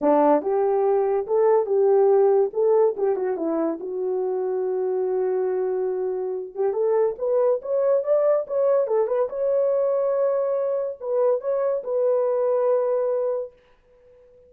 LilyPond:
\new Staff \with { instrumentName = "horn" } { \time 4/4 \tempo 4 = 142 d'4 g'2 a'4 | g'2 a'4 g'8 fis'8 | e'4 fis'2.~ | fis'2.~ fis'8 g'8 |
a'4 b'4 cis''4 d''4 | cis''4 a'8 b'8 cis''2~ | cis''2 b'4 cis''4 | b'1 | }